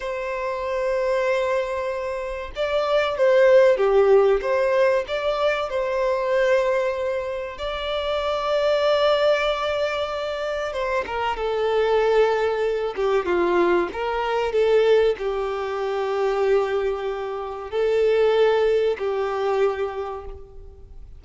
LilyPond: \new Staff \with { instrumentName = "violin" } { \time 4/4 \tempo 4 = 95 c''1 | d''4 c''4 g'4 c''4 | d''4 c''2. | d''1~ |
d''4 c''8 ais'8 a'2~ | a'8 g'8 f'4 ais'4 a'4 | g'1 | a'2 g'2 | }